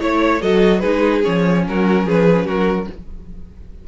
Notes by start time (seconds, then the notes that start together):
0.00 A3 E4 C#5
0.42 F#3 F#4 A4 D#5
0.80 G#3 D#4 G#4 B4
1.24 F3 C#4 C#5
1.68 F#3 F#4 A#4
2.06 F3 G#4 B4
2.46 F#3 F#4 A#4